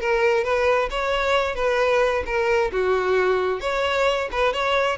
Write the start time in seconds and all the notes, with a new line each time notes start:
0.00 A#4
0.44 B4
0.90 C#5
1.55 B4
2.26 A#4
2.72 F#4
3.60 C#5
4.31 B4
4.53 C#5